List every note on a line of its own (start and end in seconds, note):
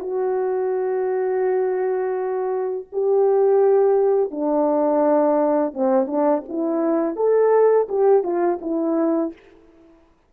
0.00 2.86 F#4
2.93 4.31 G4
4.31 5.74 D4
5.74 6.07 C4
6.07 6.43 D4
6.49 7.17 E4
7.17 7.88 A4
7.89 8.24 G4
8.24 8.59 F4
8.62 9.33 E4